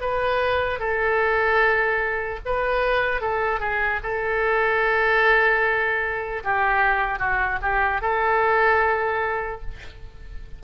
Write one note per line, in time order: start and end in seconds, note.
0.00 0.79 B4
0.79 2.39 A4
2.45 3.21 B4
3.21 3.60 A4
3.60 4.00 G#4
4.03 6.43 A4
6.43 7.19 G4
7.19 7.59 F#4
7.61 8.01 G4
8.01 9.61 A4